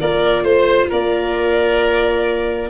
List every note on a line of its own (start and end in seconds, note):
0.00 0.42 A#3
0.00 2.69 F4
0.00 0.43 A#4
0.00 0.45 D5
0.42 0.87 A3
0.42 0.88 C5
0.42 0.90 C5
0.89 2.69 A#3
0.89 2.69 A#4
0.89 2.69 D5